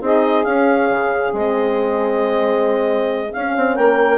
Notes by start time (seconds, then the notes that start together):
0.00 C4 D#4 G#4 D#5
0.44 C#4 F5
0.89 C#3
1.33 G#3 C4 D#5
3.32 C#4 F5
3.56 C4
3.74 A#3 A#4 G5